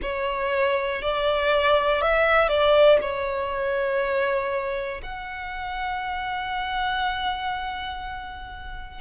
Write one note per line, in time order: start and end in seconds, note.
0.01 1.01 C#5
1.01 2.01 D5
2.01 2.48 E5
2.48 2.98 D5
3.01 5.01 C#5
5.02 9.00 F#5